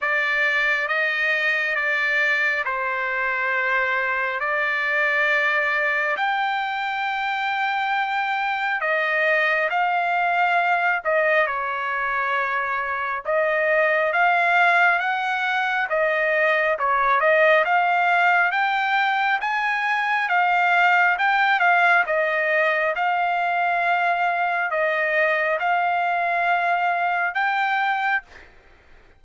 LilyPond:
\new Staff \with { instrumentName = "trumpet" } { \time 4/4 \tempo 4 = 68 d''4 dis''4 d''4 c''4~ | c''4 d''2 g''4~ | g''2 dis''4 f''4~ | f''8 dis''8 cis''2 dis''4 |
f''4 fis''4 dis''4 cis''8 dis''8 | f''4 g''4 gis''4 f''4 | g''8 f''8 dis''4 f''2 | dis''4 f''2 g''4 | }